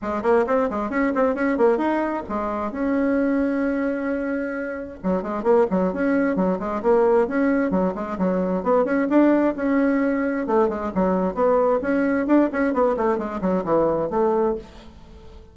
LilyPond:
\new Staff \with { instrumentName = "bassoon" } { \time 4/4 \tempo 4 = 132 gis8 ais8 c'8 gis8 cis'8 c'8 cis'8 ais8 | dis'4 gis4 cis'2~ | cis'2. fis8 gis8 | ais8 fis8 cis'4 fis8 gis8 ais4 |
cis'4 fis8 gis8 fis4 b8 cis'8 | d'4 cis'2 a8 gis8 | fis4 b4 cis'4 d'8 cis'8 | b8 a8 gis8 fis8 e4 a4 | }